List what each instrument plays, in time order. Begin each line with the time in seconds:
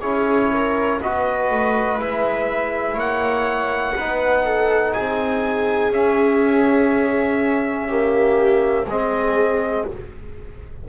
0.00 double bass C#4, trombone E4, viola G#4, trumpet C#5
0.52 viola A#4
1.01 double bass B3, trombone F#4, viola B4, trumpet D#5
1.51 double bass A3
1.99 double bass G#3, trombone E4, trumpet E5
2.95 double bass A#3, viola C#5, trumpet F#5
3.96 double bass B3, trombone D#4, viola B4
4.44 viola A4
4.93 double bass C4, viola G#4, trumpet G#5
5.90 double bass C#4, trombone C#4, trumpet E5
7.88 trombone A#3, viola G4
8.87 double bass G#3, trombone C4, viola G#4, trumpet D#5